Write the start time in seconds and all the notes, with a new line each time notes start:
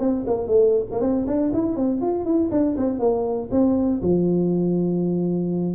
0.00 C4
0.27 A#3
0.47 A3
0.91 A#3
1.01 C4
1.27 D4
1.54 E4
1.76 C4
2.01 F4
2.25 E4
2.51 D4
2.77 C4
2.99 A#3
3.51 C4
4.02 F3